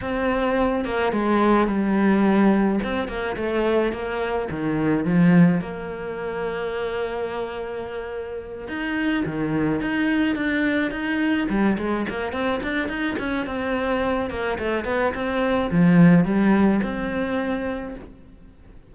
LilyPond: \new Staff \with { instrumentName = "cello" } { \time 4/4 \tempo 4 = 107 c'4. ais8 gis4 g4~ | g4 c'8 ais8 a4 ais4 | dis4 f4 ais2~ | ais2.~ ais8 dis'8~ |
dis'8 dis4 dis'4 d'4 dis'8~ | dis'8 g8 gis8 ais8 c'8 d'8 dis'8 cis'8 | c'4. ais8 a8 b8 c'4 | f4 g4 c'2 | }